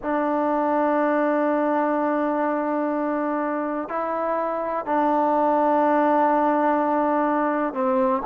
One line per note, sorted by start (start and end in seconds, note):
0.02 3.88 D4
3.88 4.85 E4
4.85 7.73 D4
7.73 8.22 C4